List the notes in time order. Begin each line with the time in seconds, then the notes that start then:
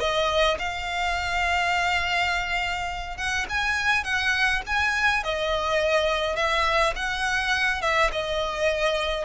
0.00 D#5
0.59 F5
3.17 F#5
3.49 G#5
4.04 F#5
4.66 G#5
5.24 D#5
6.36 E5
6.96 F#5
7.81 E5
8.12 D#5